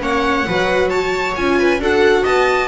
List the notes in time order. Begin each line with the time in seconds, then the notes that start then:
0.00 A#3 C#4 C#5 F#5
0.46 F#3 F#4 B4
0.89 C#5 A5
1.35 C#4 F4 G#5
1.59 B4
1.78 D4 F#4 A4 F#5
2.23 B3 D#5 A5